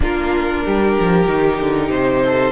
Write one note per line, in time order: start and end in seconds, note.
0.00 0.62 A#3
0.00 1.27 D4
0.00 0.64 F4
0.00 1.90 A#4
0.64 0.98 G3
0.64 2.23 G4
0.99 1.27 F3
1.27 1.59 D#3
1.27 2.51 D#4
1.60 1.90 D3
1.90 2.51 C3
1.90 2.51 C5
2.23 2.51 A4